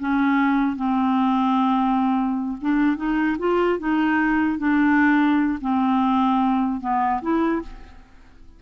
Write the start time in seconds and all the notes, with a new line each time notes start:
0.00 C#4
0.76 C4
2.61 D4
2.97 D#4
3.39 F4
3.79 D#4
4.59 D4
5.61 C4
6.81 B3
7.22 E4